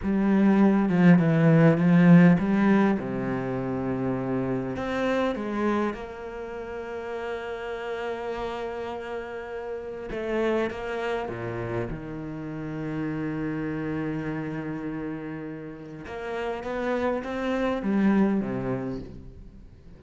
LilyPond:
\new Staff \with { instrumentName = "cello" } { \time 4/4 \tempo 4 = 101 g4. f8 e4 f4 | g4 c2. | c'4 gis4 ais2~ | ais1~ |
ais4 a4 ais4 ais,4 | dis1~ | dis2. ais4 | b4 c'4 g4 c4 | }